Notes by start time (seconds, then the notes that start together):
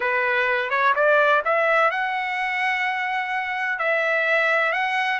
0.00 B4
0.70 C#5
0.95 D5
1.44 E5
1.90 F#5
3.79 E5
4.72 F#5